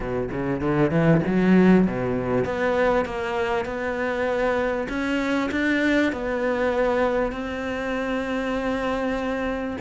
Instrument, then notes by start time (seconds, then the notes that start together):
cello
0.00 B2
0.31 C#3
0.60 D3
0.90 E3
1.26 F#3
1.86 B2
2.45 B3
3.05 A#3
3.65 B3
4.88 C#4
5.51 D4
6.12 B3
7.32 C4